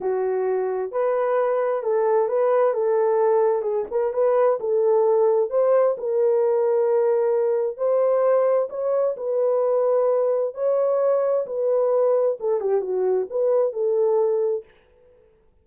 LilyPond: \new Staff \with { instrumentName = "horn" } { \time 4/4 \tempo 4 = 131 fis'2 b'2 | a'4 b'4 a'2 | gis'8 ais'8 b'4 a'2 | c''4 ais'2.~ |
ais'4 c''2 cis''4 | b'2. cis''4~ | cis''4 b'2 a'8 g'8 | fis'4 b'4 a'2 | }